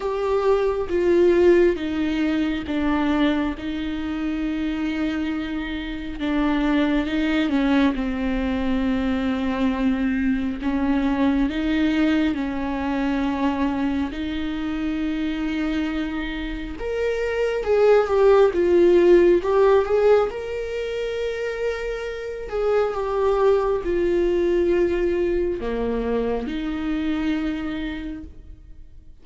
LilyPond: \new Staff \with { instrumentName = "viola" } { \time 4/4 \tempo 4 = 68 g'4 f'4 dis'4 d'4 | dis'2. d'4 | dis'8 cis'8 c'2. | cis'4 dis'4 cis'2 |
dis'2. ais'4 | gis'8 g'8 f'4 g'8 gis'8 ais'4~ | ais'4. gis'8 g'4 f'4~ | f'4 ais4 dis'2 | }